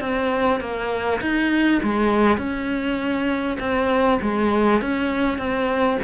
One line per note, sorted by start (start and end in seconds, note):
0.00 0.60 C4
0.60 1.20 A#3
1.21 1.81 D#4
1.82 2.37 G#3
2.37 3.57 C#4
3.59 4.19 C4
4.21 4.81 G#3
4.81 5.38 C#4
5.38 5.98 C4